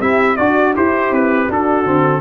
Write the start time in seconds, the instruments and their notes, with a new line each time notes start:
0.00 tuba C4, trombone E4, horn G4, trumpet E5
0.37 tuba D4, trombone F#4, horn F#4, trumpet D5
0.75 horn E4, tuba E4, trombone G4, trumpet C5
1.11 tuba C4, trumpet B4
1.47 tuba D4, trombone D4, horn F#4, trumpet A4
1.85 tuba D3, trombone C4